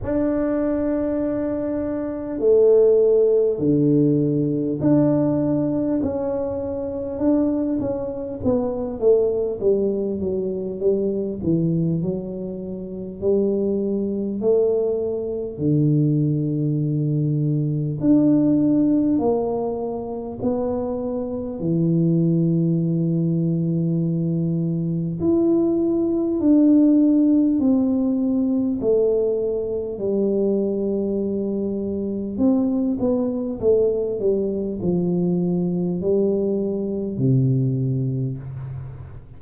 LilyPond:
\new Staff \with { instrumentName = "tuba" } { \time 4/4 \tempo 4 = 50 d'2 a4 d4 | d'4 cis'4 d'8 cis'8 b8 a8 | g8 fis8 g8 e8 fis4 g4 | a4 d2 d'4 |
ais4 b4 e2~ | e4 e'4 d'4 c'4 | a4 g2 c'8 b8 | a8 g8 f4 g4 c4 | }